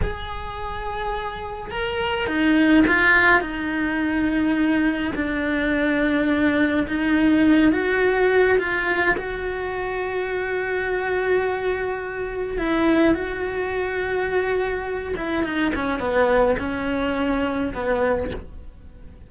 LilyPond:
\new Staff \with { instrumentName = "cello" } { \time 4/4 \tempo 4 = 105 gis'2. ais'4 | dis'4 f'4 dis'2~ | dis'4 d'2. | dis'4. fis'4. f'4 |
fis'1~ | fis'2 e'4 fis'4~ | fis'2~ fis'8 e'8 dis'8 cis'8 | b4 cis'2 b4 | }